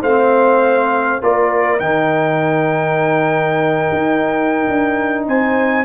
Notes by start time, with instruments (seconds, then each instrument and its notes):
0.00 tuba A3, trombone C4, horn C5, trumpet F5
1.21 tuba A#3, trombone F4, horn A#4, trumpet D5
1.79 tuba D#3, trombone D#4, trumpet G5
3.92 tuba D#4
4.67 tuba D4
5.27 tuba C4, horn C5, trumpet G#5